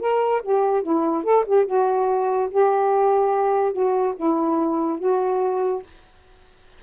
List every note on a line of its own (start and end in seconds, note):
0.00 0.42 A#4
0.42 0.83 G4
0.83 1.24 E4
1.24 1.45 A4
1.46 1.66 G4
1.66 2.49 F#4
2.51 3.73 G4
3.73 4.14 F#4
4.16 4.99 E4
4.99 5.83 F#4